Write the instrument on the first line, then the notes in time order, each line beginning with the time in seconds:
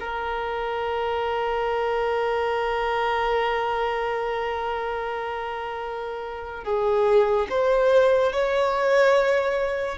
violin
0.00 A#4
6.64 G#4
7.49 C5
8.32 C#5